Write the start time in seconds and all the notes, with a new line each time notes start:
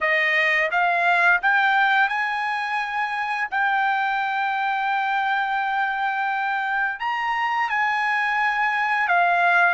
0.00 D#5
0.71 F5
1.41 G5
2.08 G#5
3.50 G5
6.99 A#5
7.69 G#5
9.08 F5